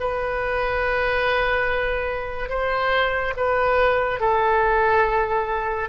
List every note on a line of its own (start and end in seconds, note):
0.00 2.49 B4
2.49 3.34 C5
3.36 4.20 B4
4.20 5.89 A4